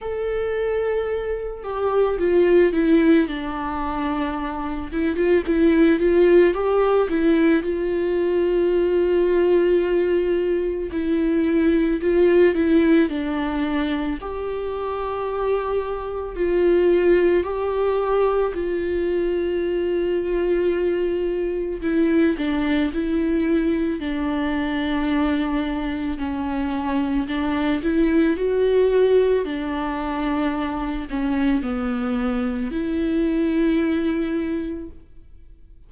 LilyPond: \new Staff \with { instrumentName = "viola" } { \time 4/4 \tempo 4 = 55 a'4. g'8 f'8 e'8 d'4~ | d'8 e'16 f'16 e'8 f'8 g'8 e'8 f'4~ | f'2 e'4 f'8 e'8 | d'4 g'2 f'4 |
g'4 f'2. | e'8 d'8 e'4 d'2 | cis'4 d'8 e'8 fis'4 d'4~ | d'8 cis'8 b4 e'2 | }